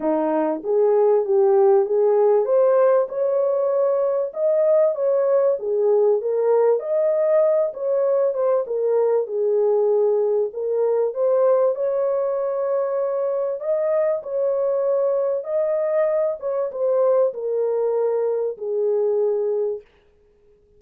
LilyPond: \new Staff \with { instrumentName = "horn" } { \time 4/4 \tempo 4 = 97 dis'4 gis'4 g'4 gis'4 | c''4 cis''2 dis''4 | cis''4 gis'4 ais'4 dis''4~ | dis''8 cis''4 c''8 ais'4 gis'4~ |
gis'4 ais'4 c''4 cis''4~ | cis''2 dis''4 cis''4~ | cis''4 dis''4. cis''8 c''4 | ais'2 gis'2 | }